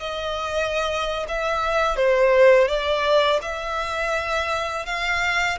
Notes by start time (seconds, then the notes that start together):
0.00 D#5
1.28 E5
1.96 C5
2.68 D5
3.42 E5
4.86 F5